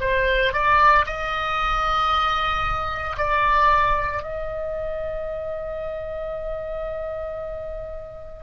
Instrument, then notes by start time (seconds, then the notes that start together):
oboe
0.00 C5
0.53 D5
1.06 D#5
3.17 D5
4.22 D#5